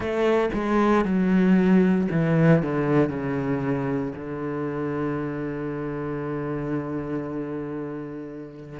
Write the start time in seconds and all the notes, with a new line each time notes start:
0.00 A3
0.53 G#3
1.04 F#3
2.11 E3
2.62 D3
3.09 C#3
4.14 D3